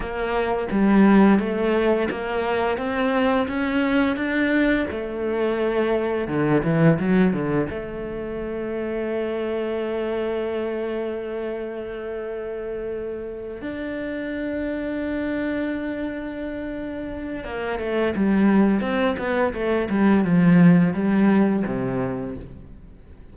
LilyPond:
\new Staff \with { instrumentName = "cello" } { \time 4/4 \tempo 4 = 86 ais4 g4 a4 ais4 | c'4 cis'4 d'4 a4~ | a4 d8 e8 fis8 d8 a4~ | a1~ |
a2.~ a8 d'8~ | d'1~ | d'4 ais8 a8 g4 c'8 b8 | a8 g8 f4 g4 c4 | }